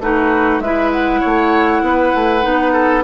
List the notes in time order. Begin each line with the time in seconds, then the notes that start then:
0.00 A3 D#4 F#4 B4
0.60 G#3 E4 B4 E5
0.92 F#5
1.21 A3 C#5
1.82 B3 B4
2.15 A3
2.43 B3 D#4
2.73 A4